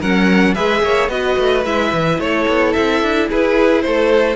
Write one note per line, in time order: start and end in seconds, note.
0.00 0.56 F#3
0.00 0.56 C#4
0.00 0.55 A#4
0.00 0.55 F#5
0.55 0.83 G#3
0.55 1.11 G#4
0.55 0.82 B4
0.55 1.09 E5
0.83 1.09 A#3
0.83 1.12 C#5
1.09 1.36 B3
1.09 1.65 F#4
1.09 2.22 B4
1.09 1.64 D#5
1.39 1.66 A3
1.66 1.93 G#3
1.66 4.37 E4
1.66 2.20 E5
1.93 2.19 E3
2.19 2.46 A3
2.19 3.29 A4
2.19 2.73 C#5
2.48 2.75 B3
2.73 3.03 C4
2.73 3.28 E5
3.03 3.30 D4
3.29 3.86 E4
3.29 3.84 G#4
3.29 3.82 B4
3.82 4.37 A3
3.82 4.37 A4
3.82 4.37 C5